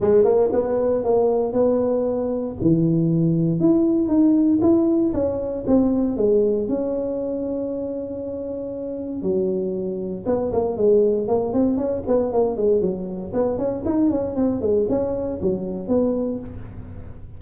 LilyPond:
\new Staff \with { instrumentName = "tuba" } { \time 4/4 \tempo 4 = 117 gis8 ais8 b4 ais4 b4~ | b4 e2 e'4 | dis'4 e'4 cis'4 c'4 | gis4 cis'2.~ |
cis'2 fis2 | b8 ais8 gis4 ais8 c'8 cis'8 b8 | ais8 gis8 fis4 b8 cis'8 dis'8 cis'8 | c'8 gis8 cis'4 fis4 b4 | }